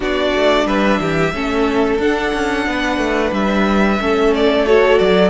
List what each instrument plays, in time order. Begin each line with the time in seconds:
0.00 cello B3, viola D4, violin F#4 D5
0.34 cello A3
0.66 cello G3, violin B4 E5
1.00 cello E3, violin G4
1.33 cello A3, viola C#4, violin A4
1.98 cello D4, viola D4, violin F#5
2.33 cello C#4
2.66 cello B3, violin B4
2.98 cello A3
3.32 cello G3, violin E5
3.99 cello A3, viola C#4, violin A4
4.34 violin D5
4.66 viola F#4, violin C#5
4.98 cello F#3, violin D5